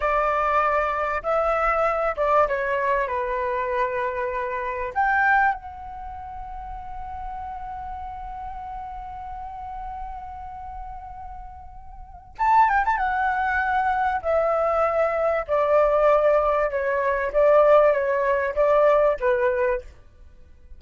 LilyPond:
\new Staff \with { instrumentName = "flute" } { \time 4/4 \tempo 4 = 97 d''2 e''4. d''8 | cis''4 b'2. | g''4 fis''2.~ | fis''1~ |
fis''1 | a''8 g''16 a''16 fis''2 e''4~ | e''4 d''2 cis''4 | d''4 cis''4 d''4 b'4 | }